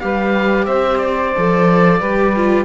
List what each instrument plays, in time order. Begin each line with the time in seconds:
0.00 cello G3, viola G4, saxophone B4, oboe F5
0.66 cello C4, saxophone C5, oboe E5
0.98 oboe D5
1.37 cello F3, viola A4
1.99 cello G3, viola G4, saxophone B4
2.37 viola F4